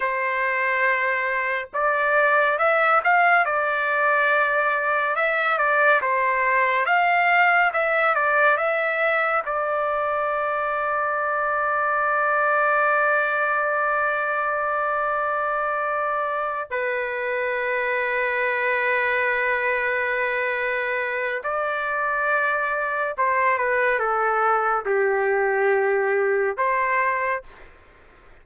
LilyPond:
\new Staff \with { instrumentName = "trumpet" } { \time 4/4 \tempo 4 = 70 c''2 d''4 e''8 f''8 | d''2 e''8 d''8 c''4 | f''4 e''8 d''8 e''4 d''4~ | d''1~ |
d''2.~ d''8 b'8~ | b'1~ | b'4 d''2 c''8 b'8 | a'4 g'2 c''4 | }